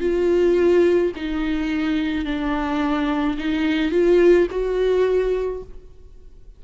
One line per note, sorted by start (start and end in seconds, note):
0.00 1.12 F4
1.15 2.25 D#4
2.25 3.37 D4
3.37 3.91 D#4
3.91 4.47 F4
4.50 5.63 F#4